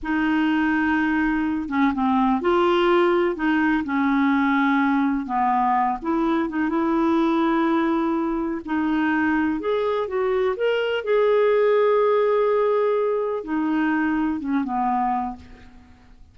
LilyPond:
\new Staff \with { instrumentName = "clarinet" } { \time 4/4 \tempo 4 = 125 dis'2.~ dis'8 cis'8 | c'4 f'2 dis'4 | cis'2. b4~ | b8 e'4 dis'8 e'2~ |
e'2 dis'2 | gis'4 fis'4 ais'4 gis'4~ | gis'1 | dis'2 cis'8 b4. | }